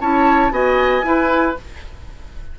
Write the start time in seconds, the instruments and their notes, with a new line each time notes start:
0.00 bassoon C#4, clarinet E4, oboe C#5, flute A5
0.51 bassoon B3, clarinet F#4, oboe D#5, flute G#5
1.02 clarinet E4, bassoon E4, oboe B4